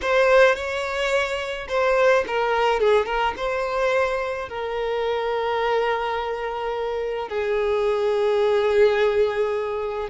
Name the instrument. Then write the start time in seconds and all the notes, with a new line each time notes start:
violin
0.01 C5
0.55 C#5
1.68 C5
2.27 A#4
2.80 G#4
3.05 A#4
3.36 C5
4.48 A#4
7.28 G#4